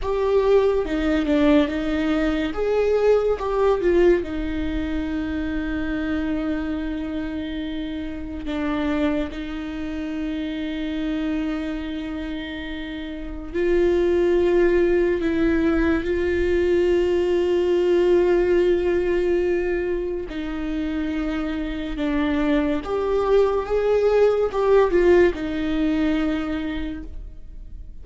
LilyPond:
\new Staff \with { instrumentName = "viola" } { \time 4/4 \tempo 4 = 71 g'4 dis'8 d'8 dis'4 gis'4 | g'8 f'8 dis'2.~ | dis'2 d'4 dis'4~ | dis'1 |
f'2 e'4 f'4~ | f'1 | dis'2 d'4 g'4 | gis'4 g'8 f'8 dis'2 | }